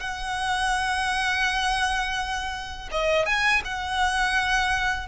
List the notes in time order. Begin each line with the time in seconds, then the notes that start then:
0.00 F#5
2.91 D#5
3.25 G#5
3.64 F#5